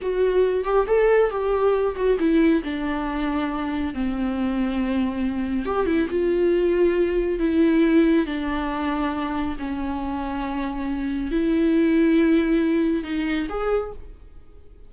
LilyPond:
\new Staff \with { instrumentName = "viola" } { \time 4/4 \tempo 4 = 138 fis'4. g'8 a'4 g'4~ | g'8 fis'8 e'4 d'2~ | d'4 c'2.~ | c'4 g'8 e'8 f'2~ |
f'4 e'2 d'4~ | d'2 cis'2~ | cis'2 e'2~ | e'2 dis'4 gis'4 | }